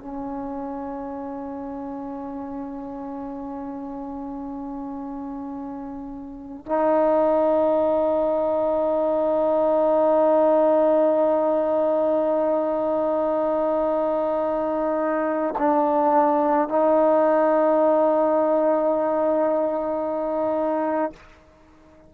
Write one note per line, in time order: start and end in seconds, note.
0.00 6.66 C#4
6.66 15.55 D#4
15.59 16.68 D4
16.68 21.13 D#4